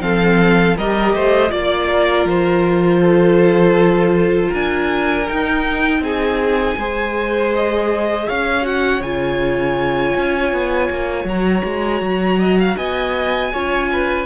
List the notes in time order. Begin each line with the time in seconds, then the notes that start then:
0.00 F3 C4 A4 F5
0.78 G3 G4 A#4 D#5
1.14 A3 C5
1.50 A#3 F4 D5
1.92 A#4
2.25 F3 C5
3.00 A4
4.49 D4 A#4 G#5
5.28 D#4 G5
6.00 C4 G#4 G#5
6.77 G#3 G#4 C5
7.55 D#5
8.28 C#4 C#5 F5
8.62 F#4 F#5
9.01 C#3 F4 G#5
10.17 C#4
10.52 B3
10.90 A#3
11.24 F#3 F#4 A#5
11.65 G#3
12.01 F#3
12.39 D#5
12.59 F5
12.77 B3 D#5 G#5
13.52 C#4 F4 C#5
13.92 B4